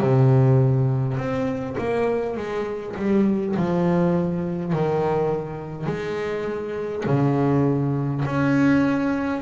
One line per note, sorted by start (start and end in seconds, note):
0.00 1.18 C3
1.18 1.76 C4
1.78 2.37 A#3
2.37 2.96 G#3
2.96 3.55 G3
3.57 4.73 F3
4.73 5.87 D#3
5.87 7.04 G#3
7.06 8.24 C#3
8.26 9.42 C#4